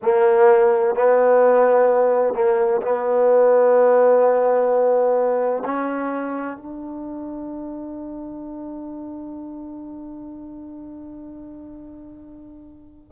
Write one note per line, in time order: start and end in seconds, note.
0.02 0.95 A#3
0.95 2.34 B3
2.34 2.81 A#3
2.81 5.62 B3
5.64 6.57 C#4
6.57 13.12 D4